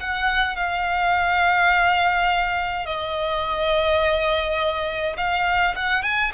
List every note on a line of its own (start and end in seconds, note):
0.00 0.56 F#5
0.56 2.86 F5
2.86 5.17 D#5
5.17 5.75 F5
5.75 6.03 F#5
6.03 6.31 G#5